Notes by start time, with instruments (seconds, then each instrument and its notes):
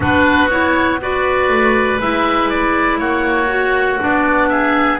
0.00 double bass B3, clarinet D4, oboe F#4 B4
0.50 clarinet E4, oboe C#5
1.00 clarinet F#4, oboe B4 D5
1.48 double bass A3
1.99 double bass G#3, clarinet E4, oboe E5
2.49 oboe D5
2.98 double bass A#3, oboe F#4 C#5
3.47 clarinet F#4
3.99 double bass B3, clarinet D4, oboe D5
4.48 oboe G#4 E5